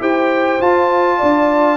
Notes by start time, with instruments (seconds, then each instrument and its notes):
0.00 tuba E4, trombone G4, horn C5, trumpet G5
0.60 trombone F4, tuba F4, trumpet A5
1.18 tuba D4, horn D5